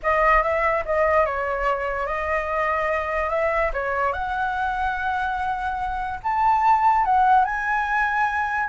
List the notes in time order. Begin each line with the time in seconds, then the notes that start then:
0.02 D#5
0.42 E5
0.85 D#5
1.25 C#5
2.06 D#5
3.29 E5
3.73 C#5
4.13 F#5
6.23 A5
7.05 F#5
7.44 G#5